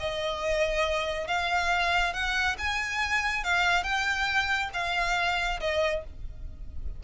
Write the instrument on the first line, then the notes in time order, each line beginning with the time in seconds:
violin
0.00 D#5
1.28 F5
2.13 F#5
2.58 G#5
3.44 F5
3.83 G5
4.73 F5
5.60 D#5